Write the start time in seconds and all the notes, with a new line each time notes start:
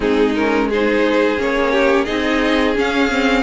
0.00 G#3 C4 D#4 G#4
0.34 C#4 A#4
0.69 D#4 G#4 C5
1.37 A#3 C#4 C#5
1.71 G4
2.04 C4 D#4 G#4 D#5
2.74 C#4 F5
3.10 C4